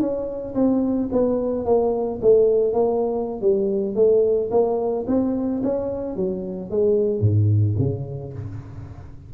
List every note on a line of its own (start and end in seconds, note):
0.00 0.55 C#4
0.55 1.09 C4
1.12 1.65 B3
1.65 2.20 A#3
2.22 2.73 A3
2.73 3.41 A#3
3.41 3.95 G3
3.95 4.50 A3
4.51 5.06 A#3
5.08 5.62 C4
5.63 6.16 C#4
6.16 6.71 F#3
6.71 7.20 G#3
7.20 7.75 G#2
7.79 8.33 C#3